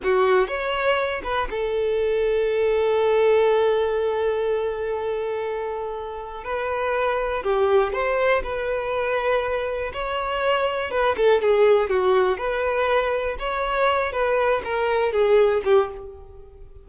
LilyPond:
\new Staff \with { instrumentName = "violin" } { \time 4/4 \tempo 4 = 121 fis'4 cis''4. b'8 a'4~ | a'1~ | a'1~ | a'4 b'2 g'4 |
c''4 b'2. | cis''2 b'8 a'8 gis'4 | fis'4 b'2 cis''4~ | cis''8 b'4 ais'4 gis'4 g'8 | }